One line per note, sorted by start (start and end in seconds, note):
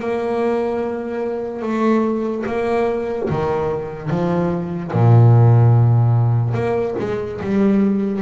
0.00 1.62 A#3
1.62 2.44 A3
2.47 3.29 A#3
3.30 4.10 D#3
4.10 4.92 F3
4.93 6.55 A#2
6.55 6.96 A#3
7.00 7.41 G#3
7.42 8.22 G3